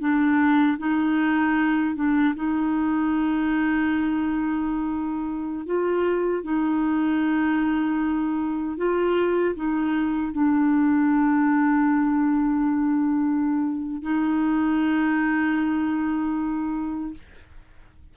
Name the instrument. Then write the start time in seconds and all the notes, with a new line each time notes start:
clarinet
0.00 D4
0.79 D#4
1.96 D4
2.35 D#4
5.66 F4
6.44 D#4
8.77 F4
9.56 D#4
10.32 D4
14.02 D#4